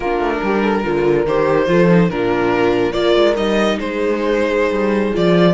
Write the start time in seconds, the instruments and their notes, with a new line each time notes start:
0.00 cello A#3, viola D4, horn F4, violin A#4
0.19 cello A3
0.42 cello G3, horn G4
0.61 horn A4
0.83 cello D3, viola F4, horn A#4
1.26 cello D#3, viola G4, violin C5
1.66 cello F3, viola F4, horn A4
1.89 viola D#4
2.09 cello A#2, viola D4, horn F4, violin A#4
2.92 cello A#3, viola F4, horn A#4, violin D5
3.15 cello G#3
3.35 cello G3, viola D#4, violin D#5
3.78 cello G#3, horn G#4, violin C5
4.70 cello G3
5.13 cello F3, viola F4, violin D5